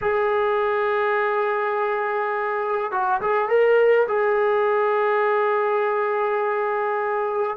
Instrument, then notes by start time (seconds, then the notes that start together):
trombone
0.01 G#4
2.91 F#4
3.21 G#4
3.48 A#4
4.07 G#4